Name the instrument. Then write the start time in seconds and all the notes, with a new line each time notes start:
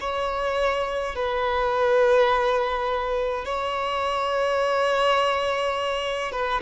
violin
0.00 C#5
1.15 B4
3.45 C#5
6.31 B4